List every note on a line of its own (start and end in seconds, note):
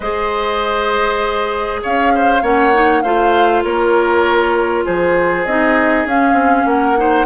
0.00 1.82 G#3
0.00 2.42 G#4
0.00 1.80 C5
0.00 1.81 D#5
1.82 2.42 C#4
1.82 2.12 C#5
1.82 2.44 F5
2.15 2.42 C5
2.42 3.03 A#3
2.42 2.72 C#4
2.42 3.03 C#5
2.42 3.02 F#5
2.73 3.03 D#4
3.02 3.64 A3
3.02 5.47 F4
3.02 3.63 C5
3.02 3.62 F5
3.63 4.85 A#3
3.63 4.85 A#4
3.63 4.84 C#5
4.85 5.45 F3
4.85 6.67 G#4
4.85 5.45 C5
5.45 6.05 C4
5.45 6.08 D#4
5.45 6.06 D#5
6.05 6.33 C#4
6.05 6.96 C#4
6.05 6.67 F5
6.33 6.63 C4
6.65 7.25 A#3
6.65 6.98 A#4
6.65 7.25 F#5
6.96 7.25 D#4
6.96 7.25 C5